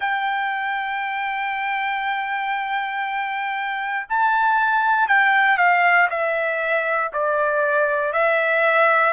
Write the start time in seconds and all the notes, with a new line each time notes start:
0.00 G5
4.09 A5
5.08 G5
5.57 F5
6.10 E5
7.12 D5
8.13 E5